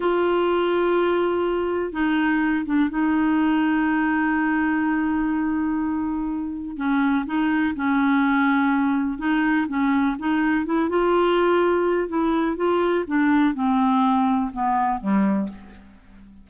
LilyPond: \new Staff \with { instrumentName = "clarinet" } { \time 4/4 \tempo 4 = 124 f'1 | dis'4. d'8 dis'2~ | dis'1~ | dis'2 cis'4 dis'4 |
cis'2. dis'4 | cis'4 dis'4 e'8 f'4.~ | f'4 e'4 f'4 d'4 | c'2 b4 g4 | }